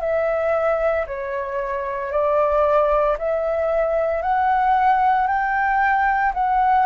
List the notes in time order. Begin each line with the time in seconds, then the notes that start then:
0.00 E5
1.07 C#5
2.11 D5
3.18 E5
4.22 F#5
5.27 G5
6.34 F#5